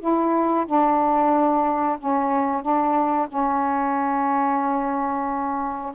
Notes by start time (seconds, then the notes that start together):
0.00 E4
0.66 D4
1.99 C#4
2.62 D4
3.29 C#4